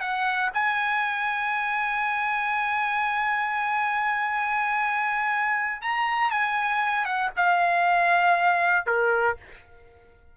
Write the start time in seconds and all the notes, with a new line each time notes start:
0.00 F#5
0.54 G#5
5.82 A#5
6.31 G#5
7.05 F#5
7.37 F5
8.86 A#4